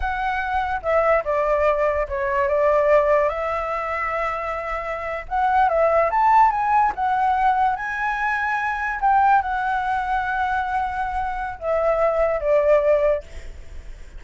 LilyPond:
\new Staff \with { instrumentName = "flute" } { \time 4/4 \tempo 4 = 145 fis''2 e''4 d''4~ | d''4 cis''4 d''2 | e''1~ | e''8. fis''4 e''4 a''4 gis''16~ |
gis''8. fis''2 gis''4~ gis''16~ | gis''4.~ gis''16 g''4 fis''4~ fis''16~ | fis''1 | e''2 d''2 | }